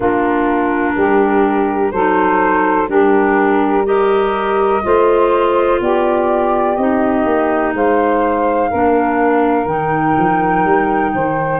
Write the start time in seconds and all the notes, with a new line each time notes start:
0.00 A#3 D4 F4 A#4
0.96 G3 G4
1.91 F#3 D#4 A4 C5
2.87 G3 D4 G4 A#4
3.84 G4 A#4 D#5
4.82 A3 F4 C5
5.80 B3 G4 D5
6.76 C4 D#4 D#5
7.25 A#3
7.73 G#3 C5 F5
8.69 A#3 D4 A#4
9.65 D#3 D#4 G5
10.18 F3
10.65 G3
11.14 D#3 C5